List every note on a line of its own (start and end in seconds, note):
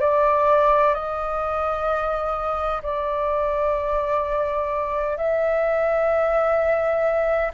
0.00 0.94 D5
0.94 2.81 D#5
2.82 5.16 D5
5.16 7.51 E5